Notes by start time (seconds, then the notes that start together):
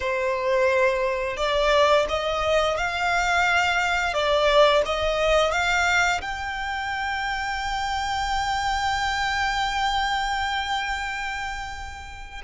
0.00 C5
1.36 D5
2.08 D#5
2.77 F5
4.13 D5
4.85 D#5
5.51 F5
6.21 G5